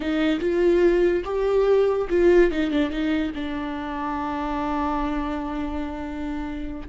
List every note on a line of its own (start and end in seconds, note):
0.00 0.39 D#4
0.40 1.23 F4
1.24 2.07 G4
2.09 2.51 F4
2.51 2.70 D#4
2.70 2.90 D4
2.90 3.32 D#4
3.34 6.88 D4